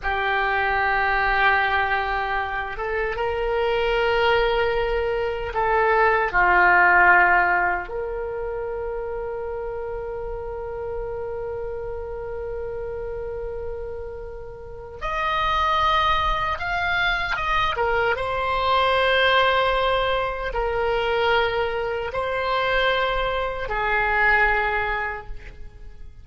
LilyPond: \new Staff \with { instrumentName = "oboe" } { \time 4/4 \tempo 4 = 76 g'2.~ g'8 a'8 | ais'2. a'4 | f'2 ais'2~ | ais'1~ |
ais'2. dis''4~ | dis''4 f''4 dis''8 ais'8 c''4~ | c''2 ais'2 | c''2 gis'2 | }